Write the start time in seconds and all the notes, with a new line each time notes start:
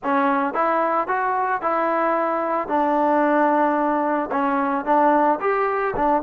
0.03 C#4
0.54 E4
1.07 F#4
1.61 E4
2.68 D4
4.31 C#4
4.85 D4
5.40 G4
5.96 D4